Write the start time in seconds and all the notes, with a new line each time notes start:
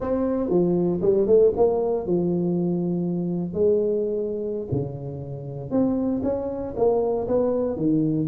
0.00 C4
0.49 F3
1.01 G3
1.26 A3
1.56 A#3
2.06 F3
3.53 G#3
4.71 C#3
5.70 C4
6.23 C#4
6.76 A#3
7.27 B3
7.76 D#3